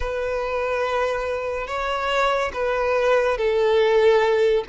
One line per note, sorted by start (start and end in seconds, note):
0.00 1.67 B4
1.67 2.51 C#5
2.53 3.37 B4
3.37 4.64 A4